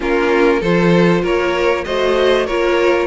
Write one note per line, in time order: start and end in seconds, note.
0.00 0.61 A#3
0.00 0.62 C#4
0.00 0.60 F4
0.00 0.62 A#4
0.60 1.23 F3
0.60 1.86 F4
0.60 1.22 A4
0.60 1.24 C5
1.22 1.85 A#3
1.22 1.84 A#4
1.22 1.84 C#5
1.84 2.47 A3
1.84 2.48 F#4
1.84 2.46 C5
1.84 2.46 D#5
2.46 3.07 A#3
2.46 3.07 F4
2.46 3.07 A#4
2.46 3.07 C#5